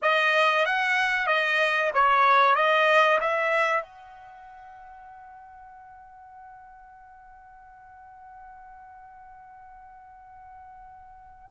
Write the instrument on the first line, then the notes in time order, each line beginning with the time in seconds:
trumpet
0.02 D#5
0.65 F#5
1.26 D#5
1.94 C#5
2.55 D#5
3.20 E5
3.82 F#5